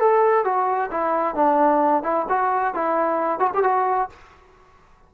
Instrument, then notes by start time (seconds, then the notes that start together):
trombone
0.00 A4
0.45 F#4
0.91 E4
1.35 D4
2.03 E4
2.29 F#4
2.74 E4
3.40 F#4
3.55 G4
3.64 F#4